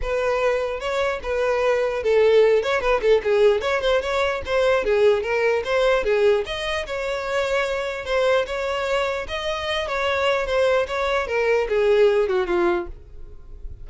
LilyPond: \new Staff \with { instrumentName = "violin" } { \time 4/4 \tempo 4 = 149 b'2 cis''4 b'4~ | b'4 a'4. cis''8 b'8 a'8 | gis'4 cis''8 c''8 cis''4 c''4 | gis'4 ais'4 c''4 gis'4 |
dis''4 cis''2. | c''4 cis''2 dis''4~ | dis''8 cis''4. c''4 cis''4 | ais'4 gis'4. fis'8 f'4 | }